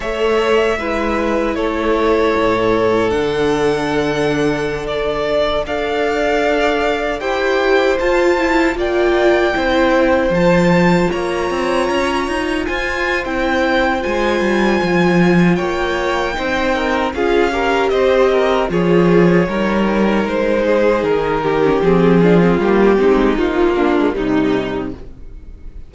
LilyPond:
<<
  \new Staff \with { instrumentName = "violin" } { \time 4/4 \tempo 4 = 77 e''2 cis''2 | fis''2~ fis''16 d''4 f''8.~ | f''4~ f''16 g''4 a''4 g''8.~ | g''4~ g''16 a''4 ais''4.~ ais''16~ |
ais''16 gis''8. g''4 gis''2 | g''2 f''4 dis''4 | cis''2 c''4 ais'4 | gis'4 g'4 f'4 dis'4 | }
  \new Staff \with { instrumentName = "violin" } { \time 4/4 cis''4 b'4 a'2~ | a'2.~ a'16 d''8.~ | d''4~ d''16 c''2 d''8.~ | d''16 c''2 cis''4.~ cis''16~ |
cis''16 c''2.~ c''8. | cis''4 c''8 ais'8 gis'8 ais'8 c''8 ais'8 | gis'4 ais'4. gis'4 g'8~ | g'8 f'4 dis'4 d'8 dis'4 | }
  \new Staff \with { instrumentName = "viola" } { \time 4/4 a'4 e'2. | d'2.~ d'16 a'8.~ | a'4~ a'16 g'4 f'8 e'8 f'8.~ | f'16 e'4 f'2~ f'8.~ |
f'4 e'4 f'2~ | f'4 dis'4 f'8 g'4. | f'4 dis'2~ dis'8. cis'16 | c'8 d'16 c'16 ais8 c'8 f8 ais16 gis16 g4 | }
  \new Staff \with { instrumentName = "cello" } { \time 4/4 a4 gis4 a4 a,4 | d2.~ d16 d'8.~ | d'4~ d'16 e'4 f'4 ais8.~ | ais16 c'4 f4 ais8 c'8 cis'8 dis'16~ |
dis'16 f'8. c'4 gis8 g8 f4 | ais4 c'4 cis'4 c'4 | f4 g4 gis4 dis4 | f4 g8 gis8 ais4 c4 | }
>>